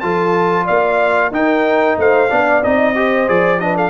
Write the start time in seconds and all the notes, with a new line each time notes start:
0.00 F3 F4 A4 A5
0.64 A#3 D5 F5
1.31 D#4 A#4 G5
1.97 A3 C5 F5
2.29 B3 D4 D5
2.63 C4 D#4 D#5
2.95 G4 C5
3.27 F3 G#4 D5
3.59 D4 B4 D#5
3.76 A4 F5